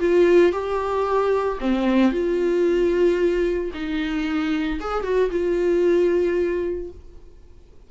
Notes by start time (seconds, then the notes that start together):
0.00 F4
0.52 G4
1.60 C4
2.12 F4
3.74 D#4
4.80 G#4
5.03 F#4
5.31 F4